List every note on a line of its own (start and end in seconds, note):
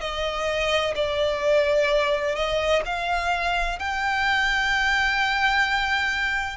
0.00 0.94 D#5
0.95 2.35 D5
2.35 2.82 D#5
2.85 3.78 F5
3.78 6.56 G5